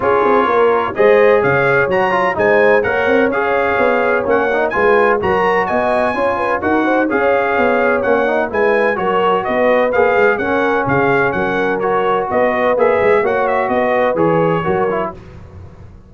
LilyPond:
<<
  \new Staff \with { instrumentName = "trumpet" } { \time 4/4 \tempo 4 = 127 cis''2 dis''4 f''4 | ais''4 gis''4 fis''4 f''4~ | f''4 fis''4 gis''4 ais''4 | gis''2 fis''4 f''4~ |
f''4 fis''4 gis''4 cis''4 | dis''4 f''4 fis''4 f''4 | fis''4 cis''4 dis''4 e''4 | fis''8 e''8 dis''4 cis''2 | }
  \new Staff \with { instrumentName = "horn" } { \time 4/4 gis'4 ais'4 c''4 cis''4~ | cis''4 c''4 cis''2~ | cis''2 b'4 ais'4 | dis''4 cis''8 b'8 ais'8 c''8 cis''4~ |
cis''2 b'4 ais'4 | b'2 ais'4 gis'4 | ais'2 b'2 | cis''4 b'2 ais'4 | }
  \new Staff \with { instrumentName = "trombone" } { \time 4/4 f'2 gis'2 | fis'8 f'8 dis'4 ais'4 gis'4~ | gis'4 cis'8 dis'8 f'4 fis'4~ | fis'4 f'4 fis'4 gis'4~ |
gis'4 cis'8 dis'8 e'4 fis'4~ | fis'4 gis'4 cis'2~ | cis'4 fis'2 gis'4 | fis'2 gis'4 fis'8 e'8 | }
  \new Staff \with { instrumentName = "tuba" } { \time 4/4 cis'8 c'8 ais4 gis4 cis4 | fis4 gis4 ais8 c'8 cis'4 | b4 ais4 gis4 fis4 | b4 cis'4 dis'4 cis'4 |
b4 ais4 gis4 fis4 | b4 ais8 gis8 cis'4 cis4 | fis2 b4 ais8 gis8 | ais4 b4 e4 fis4 | }
>>